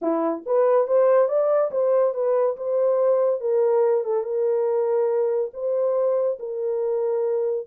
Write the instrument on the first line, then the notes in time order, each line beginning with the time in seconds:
horn
0.01 E4
0.46 B4
0.87 C5
1.28 D5
1.71 C5
2.14 B4
2.56 C5
3.40 A#4
4.04 A4
4.23 A#4
5.53 C5
6.39 A#4